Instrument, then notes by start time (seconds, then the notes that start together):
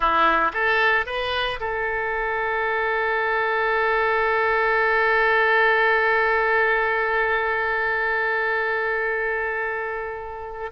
oboe
0.00 E4
0.53 A4
1.05 B4
1.60 A4